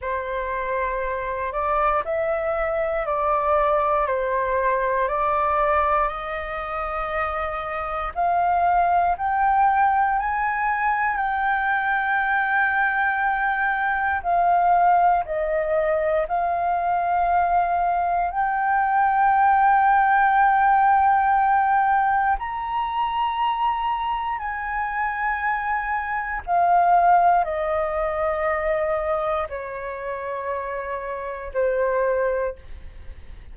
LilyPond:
\new Staff \with { instrumentName = "flute" } { \time 4/4 \tempo 4 = 59 c''4. d''8 e''4 d''4 | c''4 d''4 dis''2 | f''4 g''4 gis''4 g''4~ | g''2 f''4 dis''4 |
f''2 g''2~ | g''2 ais''2 | gis''2 f''4 dis''4~ | dis''4 cis''2 c''4 | }